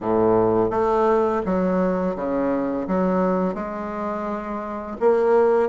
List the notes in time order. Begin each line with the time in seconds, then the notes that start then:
0.00 A2
0.70 A3
1.45 F#3
2.15 C#3
2.87 F#3
3.54 G#3
4.99 A#3